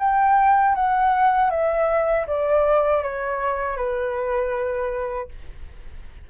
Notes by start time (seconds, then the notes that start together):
0.00 G5
0.76 F#5
1.51 E5
2.28 D5
3.04 C#5
3.77 B4